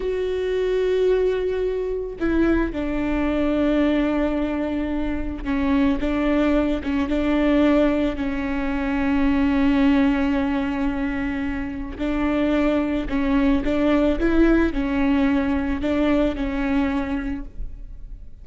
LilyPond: \new Staff \with { instrumentName = "viola" } { \time 4/4 \tempo 4 = 110 fis'1 | e'4 d'2.~ | d'2 cis'4 d'4~ | d'8 cis'8 d'2 cis'4~ |
cis'1~ | cis'2 d'2 | cis'4 d'4 e'4 cis'4~ | cis'4 d'4 cis'2 | }